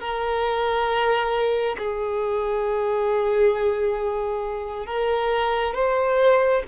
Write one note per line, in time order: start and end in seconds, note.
0.00 1.76 A#4
1.78 4.86 G#4
4.86 5.75 A#4
5.75 6.63 C5